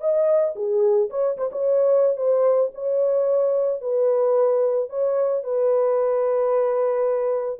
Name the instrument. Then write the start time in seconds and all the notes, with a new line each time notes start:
horn
0.00 D#5
0.55 G#4
1.09 C#5
1.37 C5
1.51 C#5
2.16 C5
2.74 C#5
3.81 B4
4.89 C#5
5.43 B4